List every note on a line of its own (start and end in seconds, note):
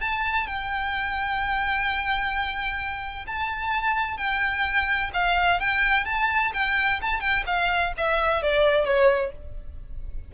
0.00 0.47 A5
0.47 3.26 G5
3.27 4.17 A5
4.17 5.10 G5
5.13 5.60 F5
5.60 6.05 G5
6.05 6.52 A5
6.53 7.00 G5
7.01 7.20 A5
7.20 7.44 G5
7.46 7.93 F5
7.97 8.42 E5
8.42 8.85 D5
8.85 9.31 C#5